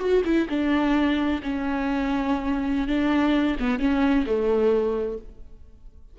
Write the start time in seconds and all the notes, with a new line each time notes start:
0.00 F#4
0.25 E4
0.50 D4
1.43 C#4
2.88 D4
3.60 B3
3.80 C#4
4.27 A3